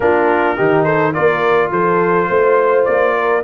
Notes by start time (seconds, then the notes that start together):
0.00 A#3 D4 F4 A#4
0.56 D#3 D#4 G4
0.83 A4 C5
1.13 A#3 F4 A#4 D5
1.71 F3 A4 C5
2.28 A3 C5
2.85 A#3 D5
3.14 A#4